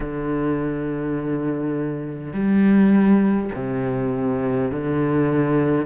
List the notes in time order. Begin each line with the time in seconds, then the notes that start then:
0.00 D3
2.33 G3
3.54 C3
4.71 D3